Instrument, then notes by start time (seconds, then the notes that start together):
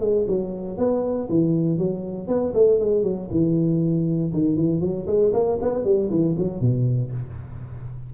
tuba
0.00 G#3
0.28 F#3
0.77 B3
1.29 E3
1.78 F#3
2.27 B3
2.54 A3
2.79 G#3
3.03 F#3
3.31 E3
4.33 D#3
4.56 E3
4.81 F#3
5.07 G#3
5.33 A#3
5.61 B3
5.84 G3
6.10 E3
6.38 F#3
6.61 B2